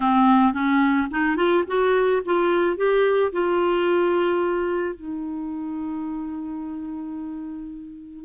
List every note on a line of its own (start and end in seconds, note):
0.00 0.53 C4
0.53 1.08 C#4
1.10 1.36 D#4
1.36 1.64 F4
1.67 2.22 F#4
2.25 2.76 F4
2.76 3.32 G4
3.32 4.95 F4
4.95 8.25 D#4